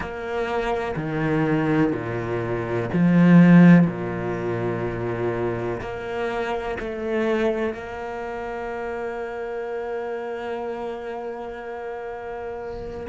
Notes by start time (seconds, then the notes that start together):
0.00 A#3
0.95 D#3
1.92 A#2
2.93 F3
3.86 A#2
5.80 A#3
6.79 A3
7.74 A#3